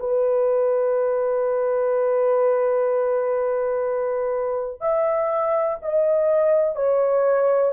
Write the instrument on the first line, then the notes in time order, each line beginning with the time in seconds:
horn
0.00 B4
4.81 E5
5.82 D#5
6.76 C#5